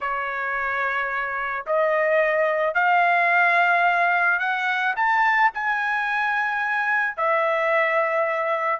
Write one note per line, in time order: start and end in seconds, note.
0.00 1.65 C#5
1.66 2.74 D#5
2.74 4.39 F5
4.39 4.94 F#5
4.96 5.51 A5
5.53 7.16 G#5
7.16 8.79 E5